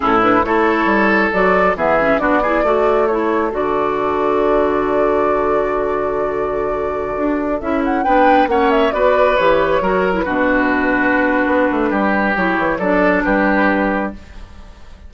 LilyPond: <<
  \new Staff \with { instrumentName = "flute" } { \time 4/4 \tempo 4 = 136 a'8 b'8 cis''2 d''4 | e''4 d''2 cis''4 | d''1~ | d''1~ |
d''4~ d''16 e''8 fis''8 g''4 fis''8 e''16~ | e''16 d''4 cis''4.~ cis''16 b'4~ | b'1 | cis''4 d''4 b'2 | }
  \new Staff \with { instrumentName = "oboe" } { \time 4/4 e'4 a'2. | gis'4 fis'8 gis'8 a'2~ | a'1~ | a'1~ |
a'2~ a'16 b'4 cis''8.~ | cis''16 b'2 ais'4 fis'8.~ | fis'2. g'4~ | g'4 a'4 g'2 | }
  \new Staff \with { instrumentName = "clarinet" } { \time 4/4 cis'8 d'8 e'2 fis'4 | b8 cis'8 d'8 e'8 fis'4 e'4 | fis'1~ | fis'1~ |
fis'4~ fis'16 e'4 d'4 cis'8.~ | cis'16 fis'4 g'4 fis'8. e'16 d'8.~ | d'1 | e'4 d'2. | }
  \new Staff \with { instrumentName = "bassoon" } { \time 4/4 a,4 a4 g4 fis4 | e4 b4 a2 | d1~ | d1~ |
d16 d'4 cis'4 b4 ais8.~ | ais16 b4 e4 fis4 b,8.~ | b,2 b8 a8 g4 | fis8 e8 fis4 g2 | }
>>